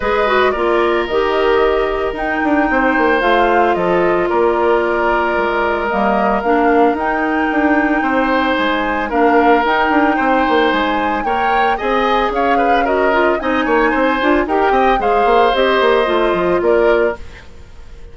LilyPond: <<
  \new Staff \with { instrumentName = "flute" } { \time 4/4 \tempo 4 = 112 dis''4 d''4 dis''2 | g''2 f''4 dis''4 | d''2. dis''4 | f''4 g''2. |
gis''4 f''4 g''2 | gis''4 g''4 gis''4 f''4 | dis''4 gis''2 g''4 | f''4 dis''2 d''4 | }
  \new Staff \with { instrumentName = "oboe" } { \time 4/4 b'4 ais'2.~ | ais'4 c''2 a'4 | ais'1~ | ais'2. c''4~ |
c''4 ais'2 c''4~ | c''4 cis''4 dis''4 cis''8 b'8 | ais'4 dis''8 cis''8 c''4 ais'8 dis''8 | c''2. ais'4 | }
  \new Staff \with { instrumentName = "clarinet" } { \time 4/4 gis'8 fis'8 f'4 g'2 | dis'2 f'2~ | f'2. ais4 | d'4 dis'2.~ |
dis'4 d'4 dis'2~ | dis'4 ais'4 gis'2 | fis'8 f'8 dis'4. f'8 g'4 | gis'4 g'4 f'2 | }
  \new Staff \with { instrumentName = "bassoon" } { \time 4/4 gis4 ais4 dis2 | dis'8 d'8 c'8 ais8 a4 f4 | ais2 gis4 g4 | ais4 dis'4 d'4 c'4 |
gis4 ais4 dis'8 d'8 c'8 ais8 | gis4 ais4 c'4 cis'4~ | cis'4 c'8 ais8 c'8 d'8 dis'8 c'8 | gis8 ais8 c'8 ais8 a8 f8 ais4 | }
>>